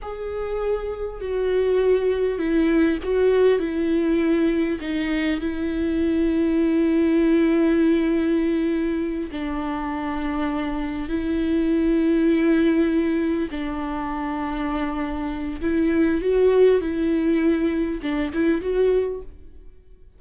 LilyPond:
\new Staff \with { instrumentName = "viola" } { \time 4/4 \tempo 4 = 100 gis'2 fis'2 | e'4 fis'4 e'2 | dis'4 e'2.~ | e'2.~ e'8 d'8~ |
d'2~ d'8 e'4.~ | e'2~ e'8 d'4.~ | d'2 e'4 fis'4 | e'2 d'8 e'8 fis'4 | }